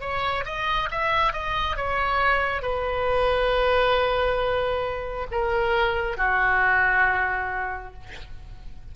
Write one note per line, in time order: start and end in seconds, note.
0.00 0.44 C#5
0.45 0.89 D#5
0.91 1.32 E5
1.32 1.76 D#5
1.76 2.62 C#5
2.62 5.27 B4
5.31 6.17 A#4
6.17 7.94 F#4